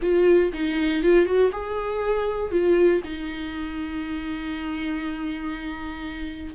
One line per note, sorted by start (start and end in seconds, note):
0.01 0.52 F4
0.53 1.02 D#4
1.02 1.25 F4
1.25 1.51 F#4
1.51 2.51 G#4
2.51 3.01 F4
3.03 6.54 D#4